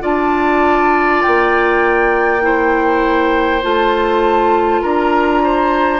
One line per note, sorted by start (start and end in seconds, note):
0.00 1.23 D4
0.00 2.40 F4
0.00 2.42 D5
0.00 1.22 A5
1.22 3.64 A#3
1.22 3.62 G5
2.41 3.61 E4
2.41 4.82 C5
3.62 4.83 A3
3.62 5.99 F4
3.62 4.82 A5
4.82 5.99 D4
4.82 5.42 A#4
4.82 5.99 A#5
5.43 5.99 C5